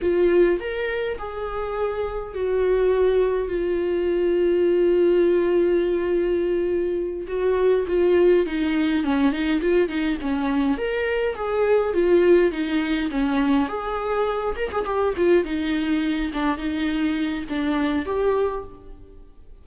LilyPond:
\new Staff \with { instrumentName = "viola" } { \time 4/4 \tempo 4 = 103 f'4 ais'4 gis'2 | fis'2 f'2~ | f'1~ | f'8 fis'4 f'4 dis'4 cis'8 |
dis'8 f'8 dis'8 cis'4 ais'4 gis'8~ | gis'8 f'4 dis'4 cis'4 gis'8~ | gis'4 ais'16 gis'16 g'8 f'8 dis'4. | d'8 dis'4. d'4 g'4 | }